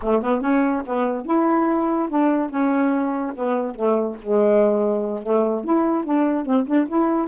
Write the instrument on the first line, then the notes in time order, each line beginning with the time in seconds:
saxophone
0.02 A3
0.22 B3
0.41 C#4
0.85 B3
1.25 E4
2.09 D4
2.49 C#4
3.35 B3
3.75 A3
4.21 G#3
5.22 A3
5.64 E4
6.04 D4
6.45 C4
6.66 D4
6.88 E4